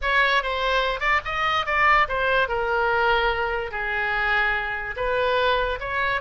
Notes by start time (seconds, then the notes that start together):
0.01 C#5
0.42 C5
0.99 D5
1.25 D#5
1.66 D5
2.08 C5
2.48 A#4
3.71 G#4
4.96 B4
5.79 C#5